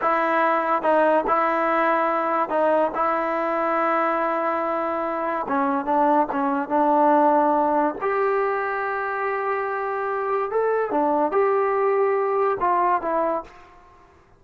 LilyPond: \new Staff \with { instrumentName = "trombone" } { \time 4/4 \tempo 4 = 143 e'2 dis'4 e'4~ | e'2 dis'4 e'4~ | e'1~ | e'4 cis'4 d'4 cis'4 |
d'2. g'4~ | g'1~ | g'4 a'4 d'4 g'4~ | g'2 f'4 e'4 | }